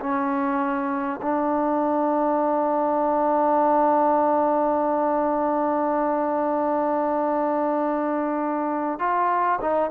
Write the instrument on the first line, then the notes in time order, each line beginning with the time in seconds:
trombone
0.00 C#4
1.22 D4
8.99 F4
9.61 D#4